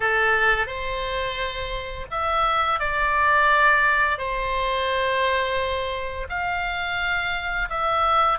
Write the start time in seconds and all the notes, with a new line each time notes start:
0.00 A4
0.67 C5
2.11 E5
2.79 D5
4.17 C5
6.29 F5
7.69 E5